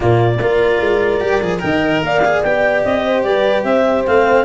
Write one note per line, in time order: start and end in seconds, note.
0.00 0.40 A#2
0.00 0.38 A#3
0.00 0.39 F4
0.00 1.60 D5
0.40 0.80 A#3
0.40 1.20 F4
0.40 1.64 A#4
0.80 1.20 G#3
1.20 1.41 G3
1.20 1.40 G4
1.41 1.61 F3
1.41 1.59 G#4
1.59 2.01 D#3
1.59 2.20 A#4
1.59 2.04 D#5
1.59 2.00 G5
2.01 2.42 A#3
2.01 3.05 D5
2.01 2.42 F5
2.24 2.45 G#4
2.42 2.84 B3
2.42 4.07 G4
2.42 2.83 G5
2.83 3.24 C4
2.83 3.22 D#5
3.05 3.25 C5
3.22 3.63 G3
3.22 3.65 B4
3.22 3.63 D5
3.63 4.04 C4
3.63 4.45 C5
3.63 4.04 E5
4.06 4.45 A3
4.06 4.45 C4
4.06 4.45 F5